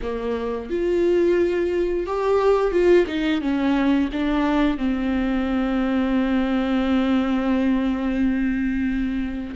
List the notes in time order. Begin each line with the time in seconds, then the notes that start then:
0.02 A#3
0.70 F4
2.06 G4
2.71 F4
3.07 D#4
3.41 C#4
4.12 D4
4.77 C4